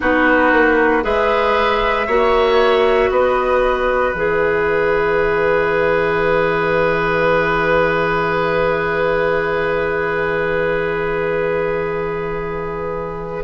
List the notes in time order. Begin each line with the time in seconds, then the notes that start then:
0.00 B3 D#4 F#4 B4
0.52 A#3
1.02 G#3 G#4 B4 E5
2.06 A#3 F#4 C#5
3.09 B3 B4 D#5
4.13 E3 G#4 E5